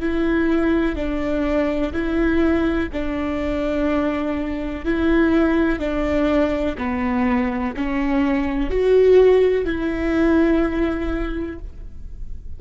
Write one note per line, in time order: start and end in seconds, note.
0.00 0.95 E4
0.95 1.92 D4
1.93 2.89 E4
2.93 4.85 D4
4.85 5.79 E4
5.79 6.76 D4
6.77 7.74 B3
7.76 8.70 C#4
8.70 9.65 F#4
9.65 11.59 E4